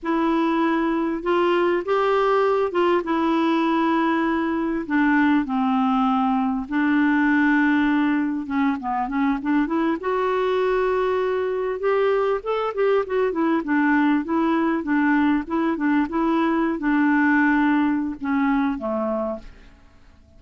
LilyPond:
\new Staff \with { instrumentName = "clarinet" } { \time 4/4 \tempo 4 = 99 e'2 f'4 g'4~ | g'8 f'8 e'2. | d'4 c'2 d'4~ | d'2 cis'8 b8 cis'8 d'8 |
e'8 fis'2. g'8~ | g'8 a'8 g'8 fis'8 e'8 d'4 e'8~ | e'8 d'4 e'8 d'8 e'4~ e'16 d'16~ | d'2 cis'4 a4 | }